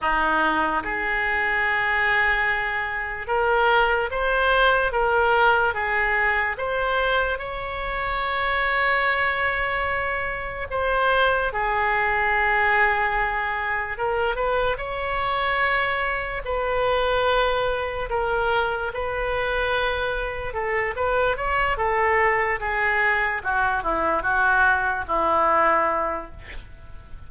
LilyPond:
\new Staff \with { instrumentName = "oboe" } { \time 4/4 \tempo 4 = 73 dis'4 gis'2. | ais'4 c''4 ais'4 gis'4 | c''4 cis''2.~ | cis''4 c''4 gis'2~ |
gis'4 ais'8 b'8 cis''2 | b'2 ais'4 b'4~ | b'4 a'8 b'8 cis''8 a'4 gis'8~ | gis'8 fis'8 e'8 fis'4 e'4. | }